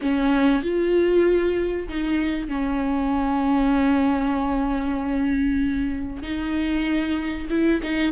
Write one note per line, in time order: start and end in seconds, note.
0.01 0.62 C#4
0.62 1.88 F4
1.88 2.48 D#4
2.48 6.22 C#4
6.22 7.47 D#4
7.49 7.81 E4
7.82 8.12 D#4